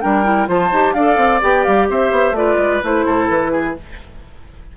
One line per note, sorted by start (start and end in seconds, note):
0.00 0.48 G3
0.00 0.23 D4
0.00 0.48 A#4
0.00 0.47 G5
0.23 0.47 E4
0.47 0.71 F3
0.47 0.70 F4
0.47 0.94 C5
0.47 0.93 A5
0.72 0.94 D#4
0.72 0.96 G4
0.93 1.17 D4
0.93 1.41 A4
0.93 1.88 D5
0.93 1.40 F5
1.17 1.40 C4
1.41 1.66 B3
1.41 2.35 G4
1.41 1.63 G5
1.63 1.89 G3
1.63 1.87 F5
1.89 2.11 C4
1.89 2.36 C5
1.89 2.36 E5
2.11 2.32 B3
2.32 2.55 A3
2.32 2.82 F4
2.32 3.05 B4
2.32 2.82 D5
2.57 2.80 G#3
2.83 3.06 A3
2.83 3.77 E4
2.83 3.29 C5
3.05 3.29 A2
3.05 3.51 A4
3.29 3.76 E3
3.29 3.75 B4
3.51 3.75 G#4